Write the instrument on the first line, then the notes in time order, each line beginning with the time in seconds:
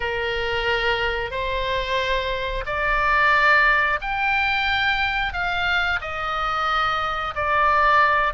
oboe
0.00 A#4
1.31 C5
2.66 D5
4.01 G5
5.33 F5
6.01 D#5
7.35 D5